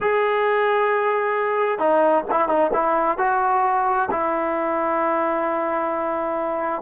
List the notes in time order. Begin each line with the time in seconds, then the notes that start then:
0.00 G#4
1.78 D#4
2.30 E4
2.48 D#4
2.73 E4
3.18 F#4
4.10 E4